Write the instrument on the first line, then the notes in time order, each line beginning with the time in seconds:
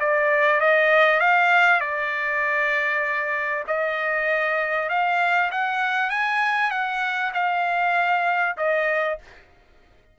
trumpet
0.00 D5
0.61 D#5
1.20 F5
1.81 D5
3.67 D#5
4.90 F5
5.51 F#5
6.10 G#5
6.71 F#5
7.34 F5
8.57 D#5